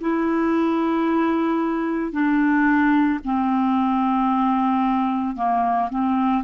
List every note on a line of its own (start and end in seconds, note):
0.00 2.12 E4
2.12 3.19 D4
3.24 5.36 C4
5.36 5.89 A#3
5.90 6.43 C4